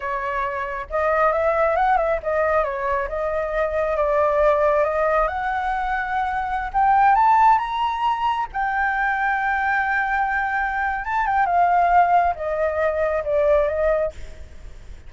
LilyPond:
\new Staff \with { instrumentName = "flute" } { \time 4/4 \tempo 4 = 136 cis''2 dis''4 e''4 | fis''8 e''8 dis''4 cis''4 dis''4~ | dis''4 d''2 dis''4 | fis''2.~ fis''16 g''8.~ |
g''16 a''4 ais''2 g''8.~ | g''1~ | g''4 a''8 g''8 f''2 | dis''2 d''4 dis''4 | }